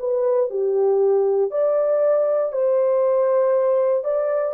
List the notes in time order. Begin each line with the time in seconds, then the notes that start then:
0.00 B4
0.50 G4
1.51 D5
2.53 C5
4.04 D5